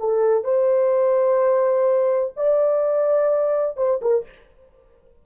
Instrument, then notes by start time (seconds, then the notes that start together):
horn
0.00 A4
0.44 C5
2.36 D5
3.77 C5
4.02 A#4